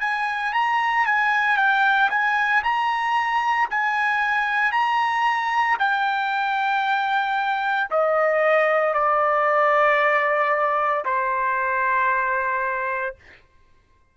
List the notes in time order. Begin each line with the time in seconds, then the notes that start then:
0.00 G#5
0.53 A#5
1.06 G#5
1.57 G5
2.10 G#5
2.63 A#5
3.70 G#5
4.72 A#5
5.79 G5
7.90 D#5
8.94 D5
11.05 C5